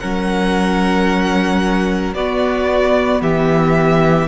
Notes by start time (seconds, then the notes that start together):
0.00 F#3 C#4 A#4 F#5
2.14 B3 F#4 D5
3.21 E3 G4 E5